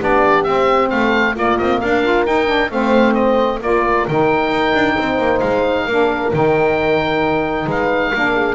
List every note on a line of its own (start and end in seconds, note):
0.00 0.46 B3
0.00 0.46 D4
0.00 0.90 G4
0.00 0.44 D5
0.44 1.36 C4
0.44 0.91 C4
0.44 0.89 E5
0.90 1.37 A3
0.90 1.36 A4
0.90 1.35 F5
1.36 1.59 A#3
1.36 2.04 A#3
1.36 1.80 F4
1.36 1.58 D5
1.58 1.83 C4
1.58 1.81 D#5
1.80 2.27 D4
1.80 2.70 A#4
1.80 2.26 F5
2.04 2.27 F4
2.27 2.47 D#4
2.27 2.71 D#4
2.27 2.72 G5
2.47 2.69 D4
2.71 3.61 A3
2.71 3.61 C4
2.71 3.61 C5
2.71 3.14 F5
3.14 3.59 D#5
3.61 4.06 A#3
3.61 4.07 F4
3.61 4.96 A#4
3.61 4.08 D5
4.08 4.50 D#3
4.08 5.89 D#4
4.08 5.40 G5
4.50 4.73 D#4
4.75 4.97 D4
4.97 5.18 C4
4.97 5.85 C5
5.18 5.41 A#3
5.40 5.87 G#3
5.40 6.31 F5
5.85 6.32 A#3
5.85 6.33 D4
5.85 7.66 A#4
6.33 7.67 D#3
6.33 8.14 D#4
6.33 7.70 G5
7.66 8.12 G#3
7.66 8.10 B4
7.66 8.56 F5
8.10 8.56 A#3
8.10 8.56 D4
8.10 8.33 A#4
8.36 8.56 G#4